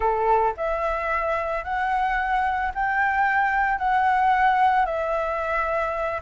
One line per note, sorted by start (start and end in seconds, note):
0.00 0.53 A4
0.57 1.64 E5
1.64 2.72 F#5
2.74 3.78 G5
3.78 4.85 F#5
4.85 6.20 E5